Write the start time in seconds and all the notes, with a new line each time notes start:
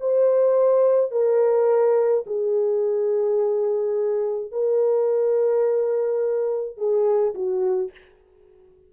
0.00 C5
1.11 A#4
2.26 G#4
4.51 A#4
6.77 G#4
7.34 F#4